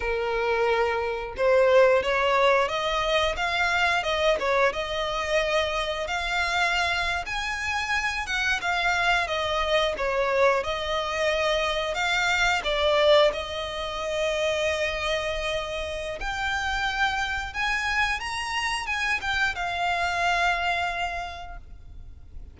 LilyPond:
\new Staff \with { instrumentName = "violin" } { \time 4/4 \tempo 4 = 89 ais'2 c''4 cis''4 | dis''4 f''4 dis''8 cis''8 dis''4~ | dis''4 f''4.~ f''16 gis''4~ gis''16~ | gis''16 fis''8 f''4 dis''4 cis''4 dis''16~ |
dis''4.~ dis''16 f''4 d''4 dis''16~ | dis''1 | g''2 gis''4 ais''4 | gis''8 g''8 f''2. | }